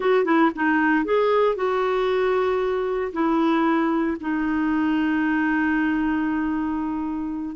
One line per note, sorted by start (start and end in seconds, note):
0.00 0.24 F#4
0.24 0.50 E4
0.55 1.04 D#4
1.04 1.55 G#4
1.55 3.12 F#4
3.12 4.17 E4
4.20 7.56 D#4